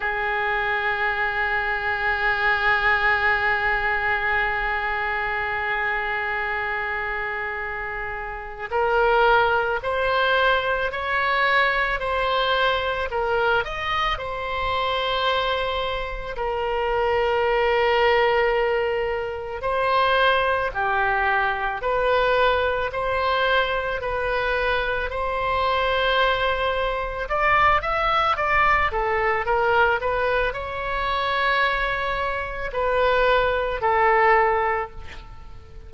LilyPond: \new Staff \with { instrumentName = "oboe" } { \time 4/4 \tempo 4 = 55 gis'1~ | gis'1 | ais'4 c''4 cis''4 c''4 | ais'8 dis''8 c''2 ais'4~ |
ais'2 c''4 g'4 | b'4 c''4 b'4 c''4~ | c''4 d''8 e''8 d''8 a'8 ais'8 b'8 | cis''2 b'4 a'4 | }